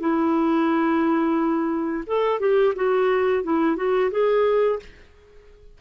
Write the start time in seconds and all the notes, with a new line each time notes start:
0.00 E4
2.07 A4
2.40 G4
2.76 F#4
3.43 E4
3.77 F#4
4.11 G#4